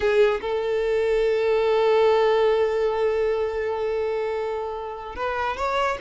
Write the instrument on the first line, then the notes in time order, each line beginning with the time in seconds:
violin
0.00 G#4
0.41 A4
5.15 B4
5.56 C#5